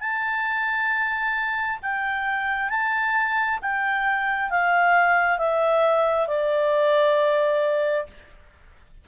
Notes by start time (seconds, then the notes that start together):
0.00 A5
1.82 G5
2.70 A5
3.62 G5
4.50 F5
5.38 E5
6.28 D5